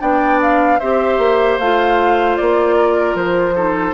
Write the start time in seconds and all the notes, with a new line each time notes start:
0.00 B3 D4 D5 G5
0.42 F5
0.80 C4 G4 C5 E5
1.18 A#3
1.59 A3 F4 F5
2.37 A#3 D5
2.76 A#4
3.15 F3 C5
3.56 D#4 A4